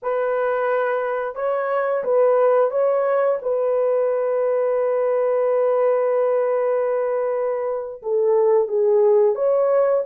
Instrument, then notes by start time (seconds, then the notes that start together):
horn
0.02 B4
1.35 C#5
2.04 B4
2.70 C#5
3.42 B4
8.02 A4
8.67 G#4
9.35 C#5